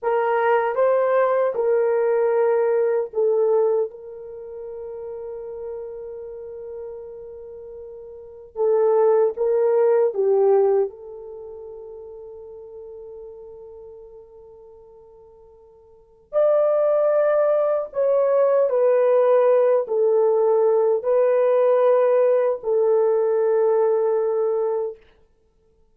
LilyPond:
\new Staff \with { instrumentName = "horn" } { \time 4/4 \tempo 4 = 77 ais'4 c''4 ais'2 | a'4 ais'2.~ | ais'2. a'4 | ais'4 g'4 a'2~ |
a'1~ | a'4 d''2 cis''4 | b'4. a'4. b'4~ | b'4 a'2. | }